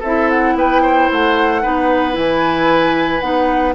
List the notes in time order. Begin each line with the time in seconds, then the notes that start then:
0.00 C4 E4 A4 E5
0.30 F#5
0.55 B3 B4 G5
0.82 C5
1.12 A3 F#5
1.62 B3 D#4 B4
2.12 E3 E4 G#5
3.20 B3 D#4 F#5